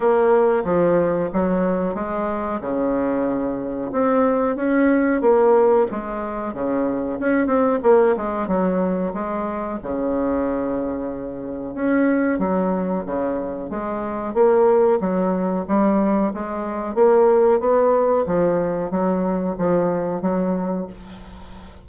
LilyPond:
\new Staff \with { instrumentName = "bassoon" } { \time 4/4 \tempo 4 = 92 ais4 f4 fis4 gis4 | cis2 c'4 cis'4 | ais4 gis4 cis4 cis'8 c'8 | ais8 gis8 fis4 gis4 cis4~ |
cis2 cis'4 fis4 | cis4 gis4 ais4 fis4 | g4 gis4 ais4 b4 | f4 fis4 f4 fis4 | }